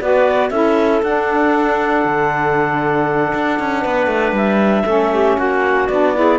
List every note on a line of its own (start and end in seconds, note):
0.00 0.50 B3
0.00 0.51 F#4
0.00 0.51 B4
0.00 0.49 D5
0.49 1.01 C#4
0.49 1.02 E4
0.49 3.81 A4
0.49 1.01 E5
1.02 2.04 D4
1.02 4.85 D4
1.02 4.36 F#5
2.04 3.33 D3
3.34 3.59 D4
3.59 3.85 C#4
3.81 4.06 B3
3.81 4.84 B4
4.06 4.32 A3
4.32 4.83 G3
4.32 5.38 E5
4.84 5.37 A3
4.84 5.87 C#4
4.84 5.10 A4
5.13 5.37 G4
5.37 5.89 A#3
5.37 6.14 F#4
5.37 5.87 F#5
5.87 6.38 B3
5.87 6.15 D4
5.87 6.38 D5
6.15 6.38 E4
6.15 6.38 G#4